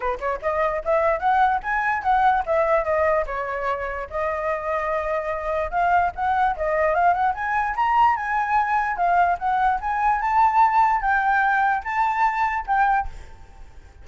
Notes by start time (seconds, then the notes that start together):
0.00 B4
0.19 C#5
0.41 D#5
0.84 E5
1.19 F#5
1.62 G#5
2.03 F#5
2.46 E5
2.84 D#5
3.26 C#5
4.09 D#5
5.70 F5
6.15 F#5
6.56 D#5
6.94 F5
7.13 F#5
7.34 G#5
7.76 A#5
8.16 G#5
8.96 F5
9.39 F#5
9.80 G#5
10.20 A5
11.01 G5
11.84 A5
12.66 G5